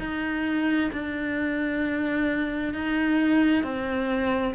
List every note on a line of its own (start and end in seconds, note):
0.00 0.91 D#4
0.93 2.74 D4
2.74 3.64 D#4
3.64 4.55 C4